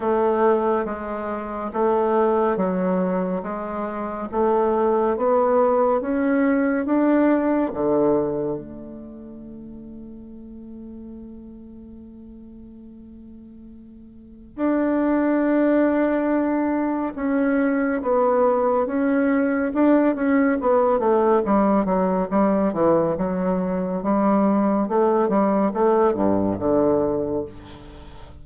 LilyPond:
\new Staff \with { instrumentName = "bassoon" } { \time 4/4 \tempo 4 = 70 a4 gis4 a4 fis4 | gis4 a4 b4 cis'4 | d'4 d4 a2~ | a1~ |
a4 d'2. | cis'4 b4 cis'4 d'8 cis'8 | b8 a8 g8 fis8 g8 e8 fis4 | g4 a8 g8 a8 g,8 d4 | }